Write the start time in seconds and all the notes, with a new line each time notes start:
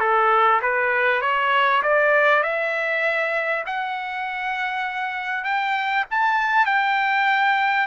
0.00 A4
0.62 B4
1.21 C#5
1.82 D5
2.43 E5
3.66 F#5
5.44 G5
6.10 A5
6.66 G5